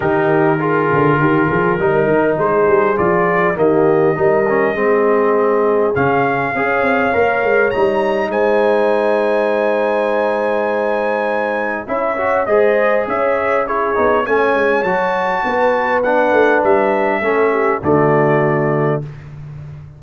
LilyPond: <<
  \new Staff \with { instrumentName = "trumpet" } { \time 4/4 \tempo 4 = 101 ais'1 | c''4 d''4 dis''2~ | dis''2 f''2~ | f''4 ais''4 gis''2~ |
gis''1 | e''4 dis''4 e''4 cis''4 | gis''4 a''2 fis''4 | e''2 d''2 | }
  \new Staff \with { instrumentName = "horn" } { \time 4/4 g'4 gis'4 g'8 gis'8 ais'4 | gis'2 g'4 ais'4 | gis'2. cis''4~ | cis''2 c''2~ |
c''1 | cis''4 c''4 cis''4 gis'4 | cis''2 b'2~ | b'4 a'8 g'8 fis'2 | }
  \new Staff \with { instrumentName = "trombone" } { \time 4/4 dis'4 f'2 dis'4~ | dis'4 f'4 ais4 dis'8 cis'8 | c'2 cis'4 gis'4 | ais'4 dis'2.~ |
dis'1 | e'8 fis'8 gis'2 e'8 dis'8 | cis'4 fis'2 d'4~ | d'4 cis'4 a2 | }
  \new Staff \with { instrumentName = "tuba" } { \time 4/4 dis4. d8 dis8 f8 g8 dis8 | gis8 g8 f4 dis4 g4 | gis2 cis4 cis'8 c'8 | ais8 gis8 g4 gis2~ |
gis1 | cis'4 gis4 cis'4. b8 | a8 gis8 fis4 b4. a8 | g4 a4 d2 | }
>>